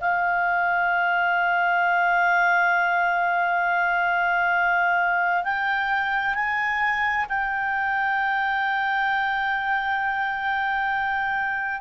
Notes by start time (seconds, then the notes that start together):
0.00 F5
5.43 G5
6.34 G#5
7.29 G5